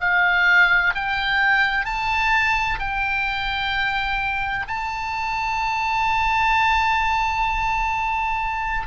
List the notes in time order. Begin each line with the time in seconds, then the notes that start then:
0.00 F5
0.95 G5
1.85 A5
2.79 G5
4.67 A5